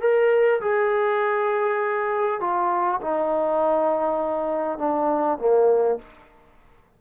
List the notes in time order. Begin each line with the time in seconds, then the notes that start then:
0.00 A#4
0.60 G#4
2.40 F4
3.01 D#4
4.78 D4
5.38 A#3